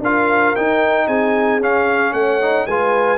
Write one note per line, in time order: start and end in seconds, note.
0.00 0.53 D4
0.00 0.57 F4
0.00 1.07 A#4
0.00 0.56 F5
0.56 1.62 D#4
0.56 1.08 D#4
0.56 1.08 G5
1.07 1.60 C4
1.07 2.13 G#4
1.07 1.61 G#5
1.60 2.13 C#4
1.60 2.41 C#4
1.60 2.14 F5
2.13 2.66 A3
2.13 2.67 C#5
2.13 2.67 F#5
2.42 2.68 D#4
2.67 3.18 G#3
2.67 3.18 F4
2.67 3.18 B4
2.67 3.18 G#5